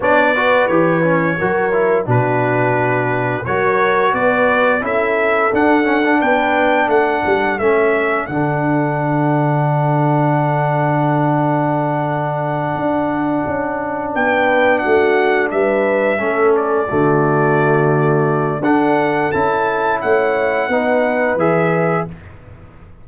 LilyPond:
<<
  \new Staff \with { instrumentName = "trumpet" } { \time 4/4 \tempo 4 = 87 d''4 cis''2 b'4~ | b'4 cis''4 d''4 e''4 | fis''4 g''4 fis''4 e''4 | fis''1~ |
fis''1~ | fis''8 g''4 fis''4 e''4. | d''2. fis''4 | a''4 fis''2 e''4 | }
  \new Staff \with { instrumentName = "horn" } { \time 4/4 cis''8 b'4. ais'4 fis'4~ | fis'4 ais'4 b'4 a'4~ | a'4 b'4 a'2~ | a'1~ |
a'1~ | a'8 b'4 fis'4 b'4 a'8~ | a'8 fis'2~ fis'8 a'4~ | a'4 cis''4 b'2 | }
  \new Staff \with { instrumentName = "trombone" } { \time 4/4 d'8 fis'8 g'8 cis'8 fis'8 e'8 d'4~ | d'4 fis'2 e'4 | d'8 cis'16 d'2~ d'16 cis'4 | d'1~ |
d'1~ | d'2.~ d'8 cis'8~ | cis'8 a2~ a8 d'4 | e'2 dis'4 gis'4 | }
  \new Staff \with { instrumentName = "tuba" } { \time 4/4 b4 e4 fis4 b,4~ | b,4 fis4 b4 cis'4 | d'4 b4 a8 g8 a4 | d1~ |
d2~ d8 d'4 cis'8~ | cis'8 b4 a4 g4 a8~ | a8 d2~ d8 d'4 | cis'4 a4 b4 e4 | }
>>